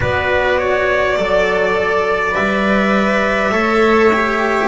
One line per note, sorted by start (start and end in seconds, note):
0.00 1.17 B3
0.00 1.17 F#4
0.00 0.58 B4
0.00 2.34 D5
0.58 1.17 C#5
1.17 2.34 F#3
1.17 2.31 A4
1.17 3.53 D5
2.31 3.51 G3
2.31 3.49 B4
2.31 4.68 E5
3.51 4.68 A3
3.51 4.10 A4
3.51 4.68 C#5
4.12 4.68 G4